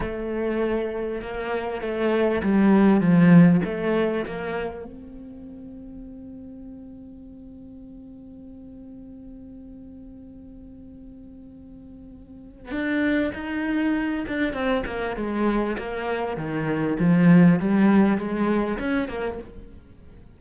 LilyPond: \new Staff \with { instrumentName = "cello" } { \time 4/4 \tempo 4 = 99 a2 ais4 a4 | g4 f4 a4 ais4 | c'1~ | c'1~ |
c'1~ | c'4 d'4 dis'4. d'8 | c'8 ais8 gis4 ais4 dis4 | f4 g4 gis4 cis'8 ais8 | }